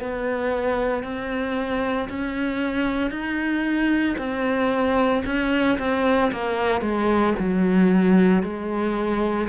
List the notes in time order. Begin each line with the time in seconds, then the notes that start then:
0.00 B3
1.03 C4
2.09 C#4
3.11 D#4
4.18 C4
5.25 C#4
5.78 C4
6.32 A#3
6.81 G#3
7.39 F#3
8.43 G#3